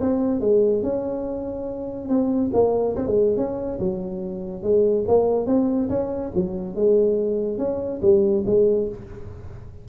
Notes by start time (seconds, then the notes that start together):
0.00 C4
0.40 G#3
0.83 C#4
2.08 C4
2.53 A#3
2.96 C4
3.06 G#3
3.36 C#4
3.79 F#3
4.62 G#3
5.07 A#3
5.46 C4
5.89 C#4
6.34 F#3
6.75 G#3
7.58 C#4
8.02 G3
8.46 G#3